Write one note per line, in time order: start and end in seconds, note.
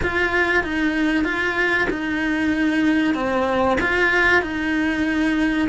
0.03 0.63 F4
0.63 1.24 D#4
1.24 1.87 F4
1.90 3.14 D#4
3.14 3.77 C4
3.81 4.42 F4
4.42 5.68 D#4